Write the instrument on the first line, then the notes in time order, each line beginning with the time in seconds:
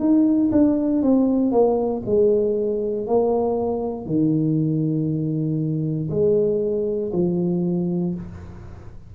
tuba
0.00 D#4
0.52 D4
1.03 C4
1.52 A#3
2.06 G#3
3.07 A#3
4.06 D#3
6.11 G#3
7.13 F3